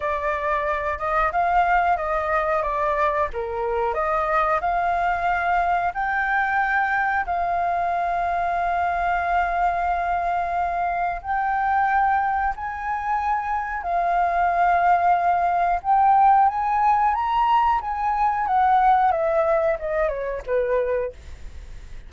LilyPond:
\new Staff \with { instrumentName = "flute" } { \time 4/4 \tempo 4 = 91 d''4. dis''8 f''4 dis''4 | d''4 ais'4 dis''4 f''4~ | f''4 g''2 f''4~ | f''1~ |
f''4 g''2 gis''4~ | gis''4 f''2. | g''4 gis''4 ais''4 gis''4 | fis''4 e''4 dis''8 cis''8 b'4 | }